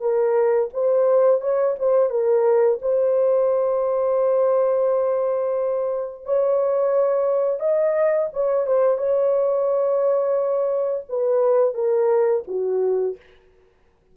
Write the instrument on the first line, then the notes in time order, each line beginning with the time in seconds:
horn
0.00 A#4
0.73 C5
1.41 C#5
1.79 C5
2.09 A#4
2.82 C5
6.25 C#5
7.60 D#5
8.33 C#5
8.66 C5
8.98 C#5
11.09 B4
11.74 A#4
12.47 F#4